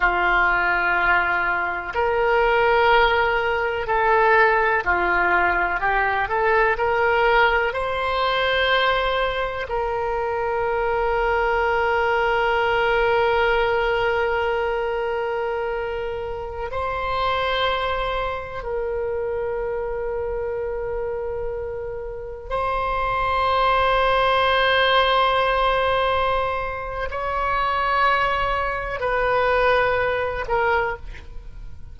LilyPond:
\new Staff \with { instrumentName = "oboe" } { \time 4/4 \tempo 4 = 62 f'2 ais'2 | a'4 f'4 g'8 a'8 ais'4 | c''2 ais'2~ | ais'1~ |
ais'4~ ais'16 c''2 ais'8.~ | ais'2.~ ais'16 c''8.~ | c''1 | cis''2 b'4. ais'8 | }